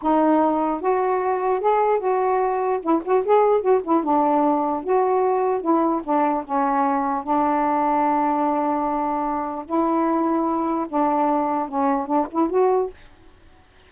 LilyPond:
\new Staff \with { instrumentName = "saxophone" } { \time 4/4 \tempo 4 = 149 dis'2 fis'2 | gis'4 fis'2 e'8 fis'8 | gis'4 fis'8 e'8 d'2 | fis'2 e'4 d'4 |
cis'2 d'2~ | d'1 | e'2. d'4~ | d'4 cis'4 d'8 e'8 fis'4 | }